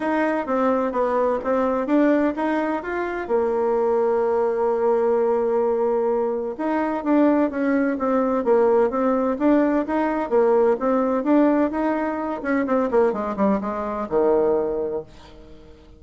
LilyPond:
\new Staff \with { instrumentName = "bassoon" } { \time 4/4 \tempo 4 = 128 dis'4 c'4 b4 c'4 | d'4 dis'4 f'4 ais4~ | ais1~ | ais2 dis'4 d'4 |
cis'4 c'4 ais4 c'4 | d'4 dis'4 ais4 c'4 | d'4 dis'4. cis'8 c'8 ais8 | gis8 g8 gis4 dis2 | }